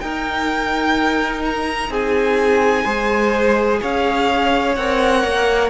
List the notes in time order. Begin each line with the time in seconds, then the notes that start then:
0.00 D#4 A#4 G5
1.45 A#5
1.89 C4 G#4 G#5
2.84 G#3 G#4 C5
3.82 C#4 C#5 F5
4.75 C4 A#4 F#5
5.24 A#3